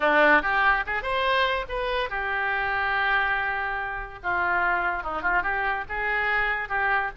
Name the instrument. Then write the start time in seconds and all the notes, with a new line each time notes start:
oboe
0.00 D4
0.42 G4
0.86 G#4
1.02 C5
1.68 B4
2.09 G4
4.23 F4
5.03 D#4
5.21 F4
5.42 G4
5.88 G#4
6.68 G4